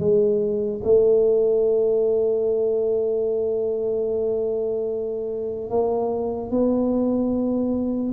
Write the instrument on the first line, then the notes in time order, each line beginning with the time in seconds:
tuba
0.00 G#3
0.84 A3
5.71 A#3
6.51 B3